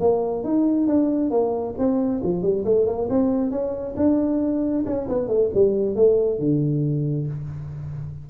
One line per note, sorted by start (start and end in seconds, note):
0.00 0.43 A#3
0.43 0.87 D#4
0.87 1.30 D4
1.30 1.74 A#3
1.78 2.22 C4
2.24 2.42 F3
2.42 2.65 G3
2.65 2.86 A3
2.86 3.08 A#3
3.10 3.51 C4
3.51 3.95 C#4
3.96 4.84 D4
4.86 5.08 C#4
5.08 5.28 B3
5.28 5.50 A3
5.54 5.96 G3
5.96 6.39 A3
6.39 7.27 D3